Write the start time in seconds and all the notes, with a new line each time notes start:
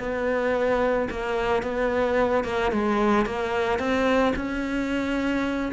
0.00 B3
1.11 A#3
1.63 B3
2.45 A#3
2.72 G#3
3.26 A#3
3.79 C4
4.36 C#4